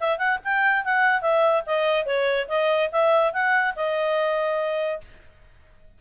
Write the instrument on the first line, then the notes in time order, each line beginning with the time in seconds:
clarinet
0.00 E5
0.18 F#5
0.44 G5
0.84 F#5
1.21 E5
1.66 D#5
2.06 C#5
2.48 D#5
2.92 E5
3.33 F#5
3.76 D#5